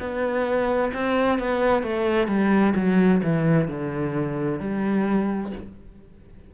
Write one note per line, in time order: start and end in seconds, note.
0.00 0.92 B3
0.94 1.39 C4
1.39 1.83 B3
1.83 2.28 A3
2.28 2.74 G3
2.76 3.22 F#3
3.24 3.68 E3
3.68 4.60 D3
4.60 5.53 G3